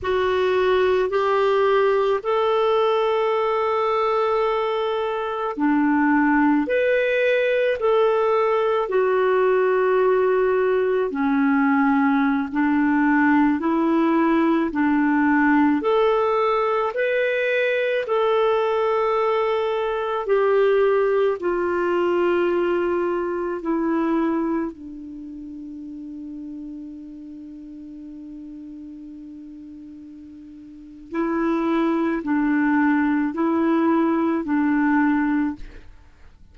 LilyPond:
\new Staff \with { instrumentName = "clarinet" } { \time 4/4 \tempo 4 = 54 fis'4 g'4 a'2~ | a'4 d'4 b'4 a'4 | fis'2 cis'4~ cis'16 d'8.~ | d'16 e'4 d'4 a'4 b'8.~ |
b'16 a'2 g'4 f'8.~ | f'4~ f'16 e'4 d'4.~ d'16~ | d'1 | e'4 d'4 e'4 d'4 | }